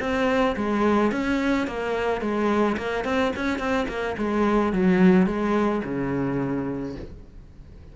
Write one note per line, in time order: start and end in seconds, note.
0.00 0.56 C4
0.56 1.11 G#3
1.11 1.67 C#4
1.67 2.21 A#3
2.21 2.76 G#3
2.77 3.04 A#3
3.04 3.32 C4
3.36 3.59 C#4
3.59 3.86 C4
3.88 4.16 A#3
4.17 4.72 G#3
4.72 5.26 F#3
5.26 5.82 G#3
5.84 6.95 C#3